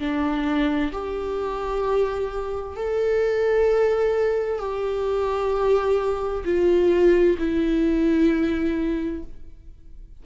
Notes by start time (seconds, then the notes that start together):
0.00 D4
0.92 G4
2.77 A4
4.59 G4
6.45 F4
7.38 E4